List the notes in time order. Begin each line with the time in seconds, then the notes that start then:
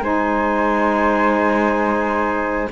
0.00 G#3 D#4 C5 G#5